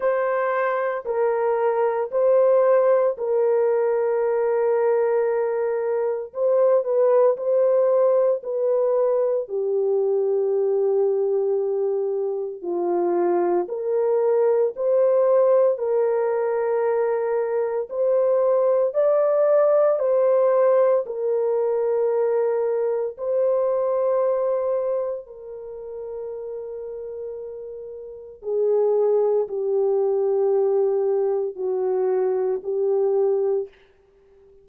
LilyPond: \new Staff \with { instrumentName = "horn" } { \time 4/4 \tempo 4 = 57 c''4 ais'4 c''4 ais'4~ | ais'2 c''8 b'8 c''4 | b'4 g'2. | f'4 ais'4 c''4 ais'4~ |
ais'4 c''4 d''4 c''4 | ais'2 c''2 | ais'2. gis'4 | g'2 fis'4 g'4 | }